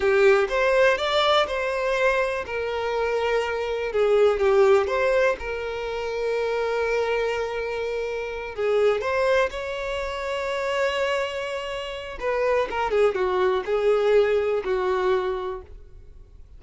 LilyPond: \new Staff \with { instrumentName = "violin" } { \time 4/4 \tempo 4 = 123 g'4 c''4 d''4 c''4~ | c''4 ais'2. | gis'4 g'4 c''4 ais'4~ | ais'1~ |
ais'4. gis'4 c''4 cis''8~ | cis''1~ | cis''4 b'4 ais'8 gis'8 fis'4 | gis'2 fis'2 | }